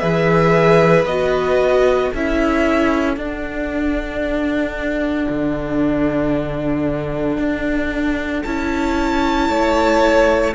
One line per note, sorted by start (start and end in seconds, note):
0.00 1.05 E3
0.00 1.06 G#4
0.00 2.09 B4
0.00 1.05 E5
1.05 2.11 B3
1.05 2.15 F#4
1.05 2.12 D#5
2.09 3.17 C#4
2.09 9.46 A4
2.09 3.17 E5
2.16 3.17 E4
3.17 5.28 D4
3.17 8.43 D4
3.17 8.44 F#5
5.29 7.38 D3
7.38 8.43 D4
8.44 9.49 C#4
8.44 10.55 E4
8.44 10.54 A5
9.49 10.54 A3
9.49 10.54 C#5